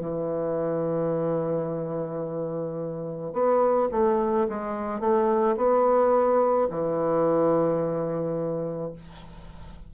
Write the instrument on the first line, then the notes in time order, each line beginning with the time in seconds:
bassoon
0.00 E3
3.33 B3
3.92 A3
4.49 G#3
5.01 A3
5.57 B3
6.71 E3